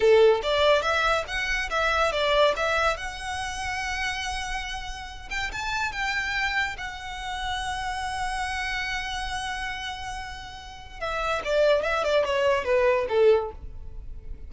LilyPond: \new Staff \with { instrumentName = "violin" } { \time 4/4 \tempo 4 = 142 a'4 d''4 e''4 fis''4 | e''4 d''4 e''4 fis''4~ | fis''1~ | fis''8 g''8 a''4 g''2 |
fis''1~ | fis''1~ | fis''2 e''4 d''4 | e''8 d''8 cis''4 b'4 a'4 | }